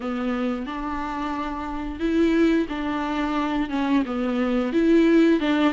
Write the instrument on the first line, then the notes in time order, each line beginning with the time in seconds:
viola
0.00 B3
0.66 D4
1.99 E4
2.68 D4
3.69 C#4
4.05 B3
4.72 E4
5.40 D4